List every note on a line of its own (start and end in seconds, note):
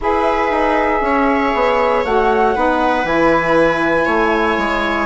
0.01 0.50 E4
0.01 2.04 G#4
0.01 1.04 B4
0.01 2.04 E5
0.50 1.01 D#4
1.01 1.51 C#4
1.01 2.55 C#5
1.54 2.04 B3
2.04 2.55 A3
2.04 2.54 F#4
2.04 3.06 F#5
2.54 3.03 B3
2.54 3.05 D#4
2.54 4.05 B4
3.03 4.05 E3
3.03 5.05 E4
3.03 5.05 G#5
4.05 4.57 A3
4.05 5.05 C#5
4.57 5.05 G#3